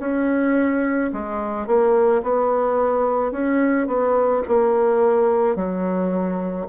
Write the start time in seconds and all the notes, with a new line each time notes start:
0.00 C#4
1.13 G#3
1.67 A#3
2.23 B3
3.32 C#4
3.87 B3
4.47 A#3
5.56 F#3